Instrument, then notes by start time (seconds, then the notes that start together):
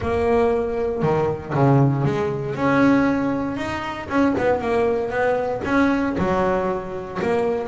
double bass
0.00 A#3
1.02 D#3
1.54 C#3
2.05 G#3
2.55 C#4
3.56 D#4
4.09 C#4
4.38 B3
4.61 A#3
5.10 B3
5.64 C#4
6.18 F#3
7.22 A#3